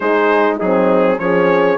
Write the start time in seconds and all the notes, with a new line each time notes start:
0.00 G#3 D#4 G#4 C5
0.56 F#3 D#4 G#4
0.64 C4
1.18 F3 C#4 G#4 C#5